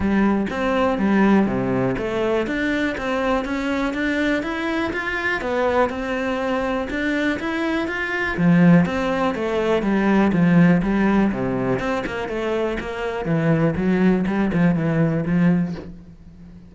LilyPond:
\new Staff \with { instrumentName = "cello" } { \time 4/4 \tempo 4 = 122 g4 c'4 g4 c4 | a4 d'4 c'4 cis'4 | d'4 e'4 f'4 b4 | c'2 d'4 e'4 |
f'4 f4 c'4 a4 | g4 f4 g4 c4 | c'8 ais8 a4 ais4 e4 | fis4 g8 f8 e4 f4 | }